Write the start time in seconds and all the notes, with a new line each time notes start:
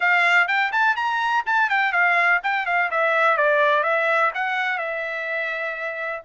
0.00 F5
0.47 G5
0.72 A5
0.96 A#5
1.46 A5
1.69 G5
1.92 F5
2.43 G5
2.66 F5
2.90 E5
3.37 D5
3.83 E5
4.34 F#5
4.77 E5